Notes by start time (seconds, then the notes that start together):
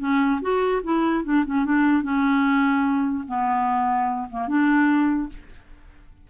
0.00 C#4
0.42 F#4
0.84 E4
1.25 D4
1.46 C#4
1.65 D4
2.03 C#4
3.28 B3
4.30 A#3
4.48 D4